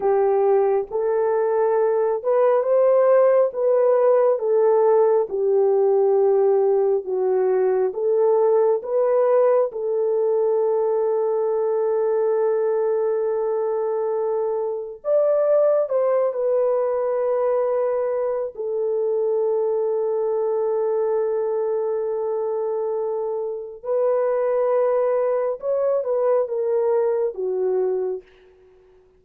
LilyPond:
\new Staff \with { instrumentName = "horn" } { \time 4/4 \tempo 4 = 68 g'4 a'4. b'8 c''4 | b'4 a'4 g'2 | fis'4 a'4 b'4 a'4~ | a'1~ |
a'4 d''4 c''8 b'4.~ | b'4 a'2.~ | a'2. b'4~ | b'4 cis''8 b'8 ais'4 fis'4 | }